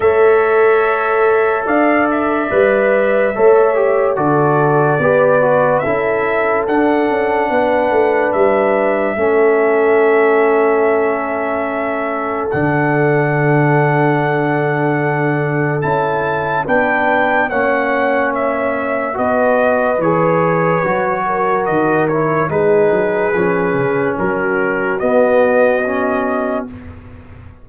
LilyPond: <<
  \new Staff \with { instrumentName = "trumpet" } { \time 4/4 \tempo 4 = 72 e''2 f''8 e''4.~ | e''4 d''2 e''4 | fis''2 e''2~ | e''2. fis''4~ |
fis''2. a''4 | g''4 fis''4 e''4 dis''4 | cis''2 dis''8 cis''8 b'4~ | b'4 ais'4 dis''2 | }
  \new Staff \with { instrumentName = "horn" } { \time 4/4 cis''2 d''2 | cis''4 a'4 b'4 a'4~ | a'4 b'2 a'4~ | a'1~ |
a'1 | b'4 cis''2 b'4~ | b'4. ais'4. gis'4~ | gis'4 fis'2. | }
  \new Staff \with { instrumentName = "trombone" } { \time 4/4 a'2. b'4 | a'8 g'8 fis'4 g'8 fis'8 e'4 | d'2. cis'4~ | cis'2. d'4~ |
d'2. e'4 | d'4 cis'2 fis'4 | gis'4 fis'4. e'8 dis'4 | cis'2 b4 cis'4 | }
  \new Staff \with { instrumentName = "tuba" } { \time 4/4 a2 d'4 g4 | a4 d4 b4 cis'4 | d'8 cis'8 b8 a8 g4 a4~ | a2. d4~ |
d2. cis'4 | b4 ais2 b4 | e4 fis4 dis4 gis8 fis8 | f8 cis8 fis4 b2 | }
>>